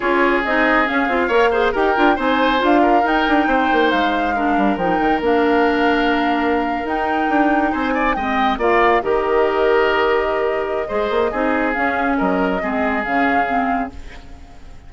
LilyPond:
<<
  \new Staff \with { instrumentName = "flute" } { \time 4/4 \tempo 4 = 138 cis''4 dis''4 f''2 | g''4 gis''4 f''4 g''4~ | g''4 f''2 g''4 | f''2.~ f''8. g''16~ |
g''4.~ g''16 gis''4 g''4 f''16~ | f''8. dis''2.~ dis''16~ | dis''2. f''4 | dis''2 f''2 | }
  \new Staff \with { instrumentName = "oboe" } { \time 4/4 gis'2. cis''8 c''8 | ais'4 c''4. ais'4. | c''2 ais'2~ | ais'1~ |
ais'4.~ ais'16 c''8 d''8 dis''4 d''16~ | d''8. ais'2.~ ais'16~ | ais'4 c''4 gis'2 | ais'4 gis'2. | }
  \new Staff \with { instrumentName = "clarinet" } { \time 4/4 f'4 dis'4 cis'8 f'8 ais'8 gis'8 | g'8 f'8 dis'4 f'4 dis'4~ | dis'2 d'4 dis'4 | d'2.~ d'8. dis'16~ |
dis'2~ dis'8. c'4 f'16~ | f'8. g'2.~ g'16~ | g'4 gis'4 dis'4 cis'4~ | cis'4 c'4 cis'4 c'4 | }
  \new Staff \with { instrumentName = "bassoon" } { \time 4/4 cis'4 c'4 cis'8 c'8 ais4 | dis'8 d'8 c'4 d'4 dis'8 d'8 | c'8 ais8 gis4. g8 f8 dis8 | ais2.~ ais8. dis'16~ |
dis'8. d'4 c'4 gis4 ais16~ | ais8. dis2.~ dis16~ | dis4 gis8 ais8 c'4 cis'4 | fis4 gis4 cis2 | }
>>